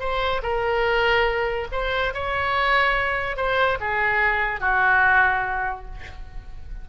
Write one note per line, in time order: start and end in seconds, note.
0.00 0.42 C5
0.43 1.68 A#4
1.72 2.14 C5
2.14 3.37 C#5
3.37 3.79 C5
3.80 4.60 G#4
4.60 5.85 F#4